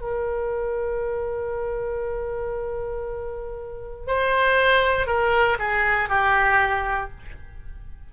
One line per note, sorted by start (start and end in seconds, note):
0.00 4.07 A#4
4.07 5.06 C5
5.06 5.57 A#4
5.59 6.09 G#4
6.09 7.10 G4